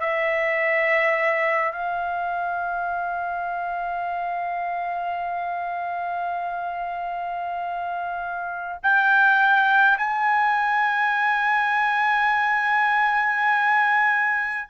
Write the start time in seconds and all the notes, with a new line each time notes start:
0.00 E5
1.72 F5
8.83 G5
9.98 G#5